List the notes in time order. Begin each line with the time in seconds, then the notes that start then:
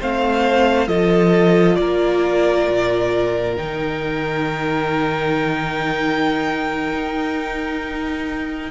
0.00 A3 C4 C5 F5
0.88 F3 F4 A4 D#5
1.75 A#3 A#4 D5
2.69 A#2
3.57 D#3 D#4 G5
6.93 D#4